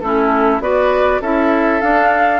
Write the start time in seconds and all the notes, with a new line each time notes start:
0.00 A3 C#4 E4 A4
0.59 B3 F#4 B4 D5
1.21 C#4 E4 A4 E5
1.81 D4 F5